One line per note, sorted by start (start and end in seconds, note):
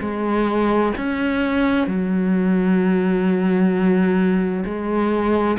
0.00 0.92 G#3
0.97 1.87 C#4
1.87 4.64 F#3
4.65 5.57 G#3